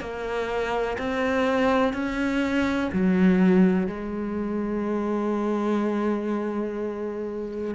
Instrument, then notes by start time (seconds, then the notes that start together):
cello
0.00 A#3
0.98 C4
1.93 C#4
2.92 F#3
3.87 G#3